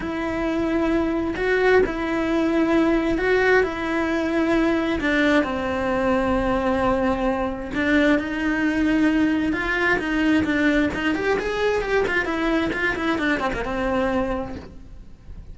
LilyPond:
\new Staff \with { instrumentName = "cello" } { \time 4/4 \tempo 4 = 132 e'2. fis'4 | e'2. fis'4 | e'2. d'4 | c'1~ |
c'4 d'4 dis'2~ | dis'4 f'4 dis'4 d'4 | dis'8 g'8 gis'4 g'8 f'8 e'4 | f'8 e'8 d'8 c'16 ais16 c'2 | }